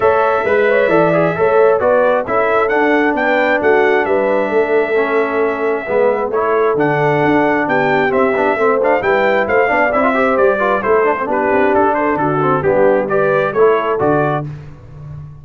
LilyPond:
<<
  \new Staff \with { instrumentName = "trumpet" } { \time 4/4 \tempo 4 = 133 e''1 | d''4 e''4 fis''4 g''4 | fis''4 e''2.~ | e''2 cis''4 fis''4~ |
fis''4 g''4 e''4. f''8 | g''4 f''4 e''4 d''4 | c''4 b'4 a'8 c''8 a'4 | g'4 d''4 cis''4 d''4 | }
  \new Staff \with { instrumentName = "horn" } { \time 4/4 cis''4 b'8 cis''8 d''4 cis''4 | b'4 a'2 b'4 | fis'4 b'4 a'2~ | a'4 b'4 a'2~ |
a'4 g'2 c''4 | b'4 c''8 d''4 c''4 b'8 | a'4 g'4. a'8 fis'4 | d'4 b'4 a'2 | }
  \new Staff \with { instrumentName = "trombone" } { \time 4/4 a'4 b'4 a'8 gis'8 a'4 | fis'4 e'4 d'2~ | d'2. cis'4~ | cis'4 b4 e'4 d'4~ |
d'2 c'8 d'8 c'8 d'8 | e'4. d'8 e'16 f'16 g'4 f'8 | e'8 d'16 c'16 d'2~ d'8 c'8 | b4 g'4 e'4 fis'4 | }
  \new Staff \with { instrumentName = "tuba" } { \time 4/4 a4 gis4 e4 a4 | b4 cis'4 d'4 b4 | a4 g4 a2~ | a4 gis4 a4 d4 |
d'4 b4 c'8 b8 a4 | g4 a8 b8 c'4 g4 | a4 b8 c'8 d'4 d4 | g2 a4 d4 | }
>>